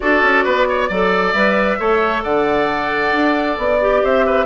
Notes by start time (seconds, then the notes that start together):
0.00 D4 F#4 A4 D5
0.22 C#4
0.44 B3 B4
0.69 C#5
0.88 F#3 A4 D5
1.31 G3 B4 E5
1.79 A3 A4 C#5
2.23 D3 D5 F#5
3.12 D4
3.57 B3 D5
3.80 G4
4.03 C4 C5 E5
4.26 B4